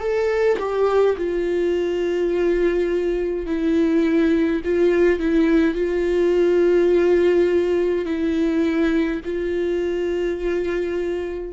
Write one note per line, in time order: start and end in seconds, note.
0.00 0.58 A4
0.58 1.16 G4
1.17 3.46 F4
3.46 4.62 E4
4.64 5.20 F4
5.20 5.74 E4
5.74 8.06 F4
8.06 9.20 E4
9.25 11.53 F4